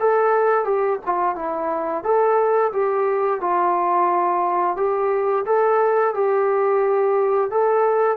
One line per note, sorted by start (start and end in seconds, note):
0.00 0.65 A4
0.65 0.99 G4
1.06 1.36 F4
1.36 2.04 E4
2.04 2.72 A4
2.73 3.41 G4
3.41 4.77 F4
4.77 5.45 G4
5.46 6.15 A4
6.15 7.51 G4
7.51 8.17 A4